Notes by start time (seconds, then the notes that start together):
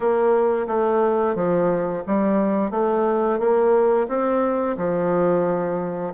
0.00 A#3
0.67 A3
1.35 F3
2.06 G3
2.71 A3
3.39 A#3
4.08 C4
4.77 F3